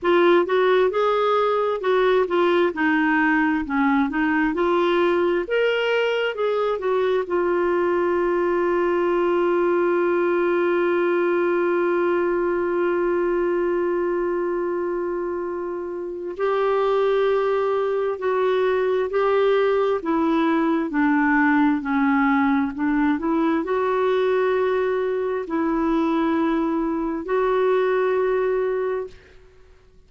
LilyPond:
\new Staff \with { instrumentName = "clarinet" } { \time 4/4 \tempo 4 = 66 f'8 fis'8 gis'4 fis'8 f'8 dis'4 | cis'8 dis'8 f'4 ais'4 gis'8 fis'8 | f'1~ | f'1~ |
f'2 g'2 | fis'4 g'4 e'4 d'4 | cis'4 d'8 e'8 fis'2 | e'2 fis'2 | }